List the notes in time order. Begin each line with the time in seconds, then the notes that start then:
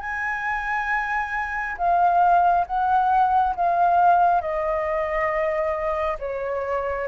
0.00 G#5
1.77 F5
2.66 F#5
3.55 F5
4.41 D#5
6.19 C#5